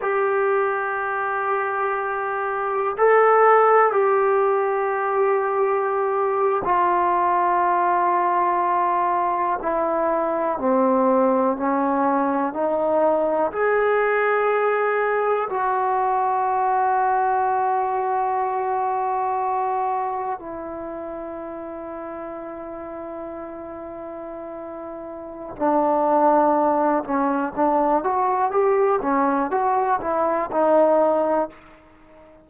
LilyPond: \new Staff \with { instrumentName = "trombone" } { \time 4/4 \tempo 4 = 61 g'2. a'4 | g'2~ g'8. f'4~ f'16~ | f'4.~ f'16 e'4 c'4 cis'16~ | cis'8. dis'4 gis'2 fis'16~ |
fis'1~ | fis'8. e'2.~ e'16~ | e'2 d'4. cis'8 | d'8 fis'8 g'8 cis'8 fis'8 e'8 dis'4 | }